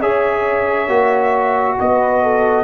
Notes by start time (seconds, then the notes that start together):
0.00 C#4 G#4 C#5 E5
0.88 A#3 F#4
1.79 B3 B4 D#5
2.23 A4